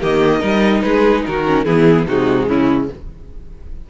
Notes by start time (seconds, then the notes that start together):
0.00 D#3 A#3 G4 D#5
0.39 G3 D#4 A#4
0.82 G#3 G#4 B4
1.26 D#3 F#4 A#4
1.46 C#4
1.64 E3 B3 E4 G#4
2.06 C3 G#3 D#4 F#4
2.47 C#3 C#4 E4